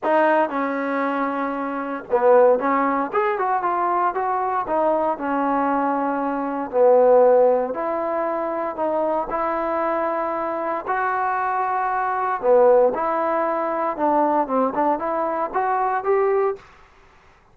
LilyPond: \new Staff \with { instrumentName = "trombone" } { \time 4/4 \tempo 4 = 116 dis'4 cis'2. | b4 cis'4 gis'8 fis'8 f'4 | fis'4 dis'4 cis'2~ | cis'4 b2 e'4~ |
e'4 dis'4 e'2~ | e'4 fis'2. | b4 e'2 d'4 | c'8 d'8 e'4 fis'4 g'4 | }